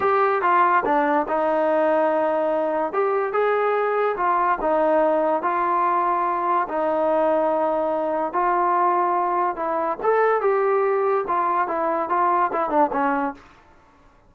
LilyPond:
\new Staff \with { instrumentName = "trombone" } { \time 4/4 \tempo 4 = 144 g'4 f'4 d'4 dis'4~ | dis'2. g'4 | gis'2 f'4 dis'4~ | dis'4 f'2. |
dis'1 | f'2. e'4 | a'4 g'2 f'4 | e'4 f'4 e'8 d'8 cis'4 | }